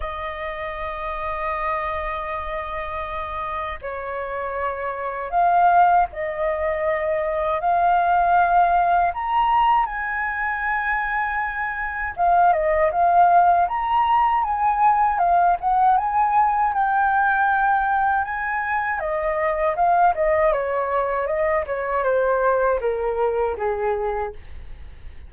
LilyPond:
\new Staff \with { instrumentName = "flute" } { \time 4/4 \tempo 4 = 79 dis''1~ | dis''4 cis''2 f''4 | dis''2 f''2 | ais''4 gis''2. |
f''8 dis''8 f''4 ais''4 gis''4 | f''8 fis''8 gis''4 g''2 | gis''4 dis''4 f''8 dis''8 cis''4 | dis''8 cis''8 c''4 ais'4 gis'4 | }